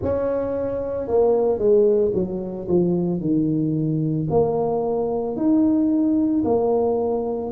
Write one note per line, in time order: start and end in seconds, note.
0.02 1.07 C#4
1.07 1.58 A#3
1.58 2.11 G#3
2.14 2.67 F#3
2.68 3.20 F3
3.20 4.27 D#3
4.30 5.36 A#3
5.36 6.43 D#4
6.44 7.51 A#3